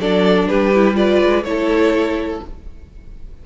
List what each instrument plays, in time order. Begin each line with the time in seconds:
0.00 cello F#3, viola D4, violin A4 D5
0.48 cello G3, violin G4 B4
0.75 viola E4
0.95 viola F4, violin B4 D5
1.22 cello G#3
1.44 cello A3, viola E4, violin C#5
1.50 violin A4